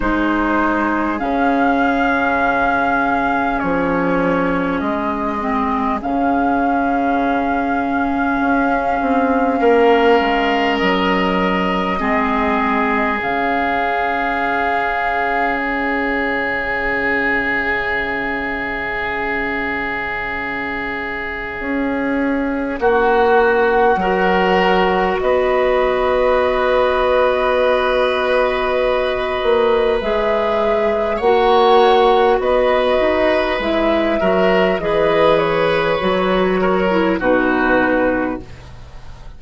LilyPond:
<<
  \new Staff \with { instrumentName = "flute" } { \time 4/4 \tempo 4 = 50 c''4 f''2 cis''4 | dis''4 f''2.~ | f''4 dis''2 f''4~ | f''4 e''2.~ |
e''2. fis''4~ | fis''4 dis''2.~ | dis''4 e''4 fis''4 dis''4 | e''4 dis''8 cis''4. b'4 | }
  \new Staff \with { instrumentName = "oboe" } { \time 4/4 gis'1~ | gis'1 | ais'2 gis'2~ | gis'1~ |
gis'2. fis'4 | ais'4 b'2.~ | b'2 cis''4 b'4~ | b'8 ais'8 b'4. ais'8 fis'4 | }
  \new Staff \with { instrumentName = "clarinet" } { \time 4/4 dis'4 cis'2.~ | cis'8 c'8 cis'2.~ | cis'2 c'4 cis'4~ | cis'1~ |
cis'1 | fis'1~ | fis'4 gis'4 fis'2 | e'8 fis'8 gis'4 fis'8. e'16 dis'4 | }
  \new Staff \with { instrumentName = "bassoon" } { \time 4/4 gis4 cis2 f4 | gis4 cis2 cis'8 c'8 | ais8 gis8 fis4 gis4 cis4~ | cis1~ |
cis2 cis'4 ais4 | fis4 b2.~ | b8 ais8 gis4 ais4 b8 dis'8 | gis8 fis8 e4 fis4 b,4 | }
>>